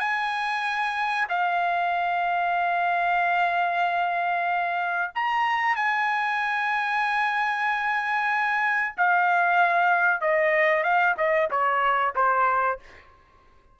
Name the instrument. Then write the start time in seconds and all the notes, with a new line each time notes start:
trumpet
0.00 G#5
1.29 F5
5.16 A#5
5.76 G#5
8.97 F5
10.22 D#5
10.84 F5
11.18 D#5
11.51 C#5
12.16 C5